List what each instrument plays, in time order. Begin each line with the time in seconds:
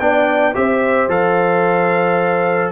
0.00 tuba B3, trombone D4, horn D5, trumpet G5
0.55 tuba C4, trombone G4, horn C5, trumpet E5
1.08 tuba F3, trombone A4, trumpet F5